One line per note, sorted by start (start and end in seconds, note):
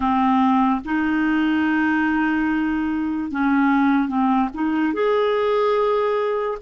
0.00 0.80 C4
0.84 3.31 D#4
3.31 4.08 C#4
4.08 4.49 C4
4.54 4.93 D#4
4.93 6.58 G#4